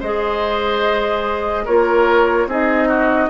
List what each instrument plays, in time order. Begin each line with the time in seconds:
0.00 bassoon G#3, clarinet G#4, oboe C5, flute D#5
1.65 bassoon A#3, clarinet F4, oboe A#4, flute C#5
2.47 bassoon C4, clarinet D#4, oboe G#4, flute D#5
2.88 oboe F#4